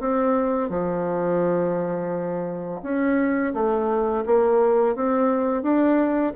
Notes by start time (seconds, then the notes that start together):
0.00 C4
0.70 F3
2.83 C#4
3.54 A3
4.26 A#3
4.96 C4
5.63 D4